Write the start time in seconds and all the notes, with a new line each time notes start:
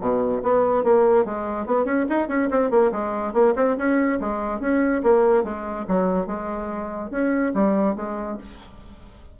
0.00 B2
0.43 B3
0.84 A#3
1.25 G#3
1.66 B3
1.85 C#4
2.09 D#4
2.28 C#4
2.51 C4
2.70 A#3
2.92 G#3
3.33 A#3
3.56 C4
3.77 C#4
4.20 G#3
4.60 C#4
5.03 A#3
5.44 G#3
5.88 F#3
6.27 G#3
7.10 C#4
7.54 G3
7.96 G#3